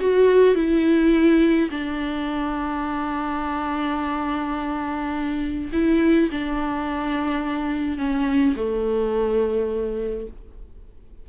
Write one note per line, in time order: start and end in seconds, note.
0.00 0.56 F#4
0.56 1.70 E4
1.71 5.71 D4
5.73 6.30 E4
6.32 7.98 D4
7.98 8.55 C#4
8.56 10.28 A3